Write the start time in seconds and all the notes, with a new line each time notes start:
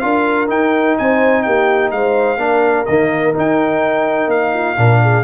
0.00 D4 F4 A#4 F5
0.48 D#4 G5
0.99 C4 C5 G#5
1.43 A#3 G4 G5
1.92 G#3 C5 F5
2.38 A#3 D4 A#4
2.86 D#3 A#3 D#5
3.34 D#4 G5
4.28 A#3 F5
4.54 F4
4.77 A#2 D4 A#4
5.02 G#4